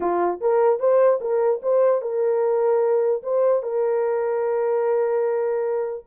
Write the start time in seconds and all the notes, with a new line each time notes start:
0.00 F4
0.40 A#4
0.79 C5
1.20 A#4
1.62 C5
2.01 A#4
3.22 C5
3.62 A#4